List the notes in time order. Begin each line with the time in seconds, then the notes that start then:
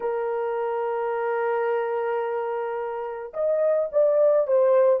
0.00 A#4
3.33 D#5
3.91 D5
4.47 C5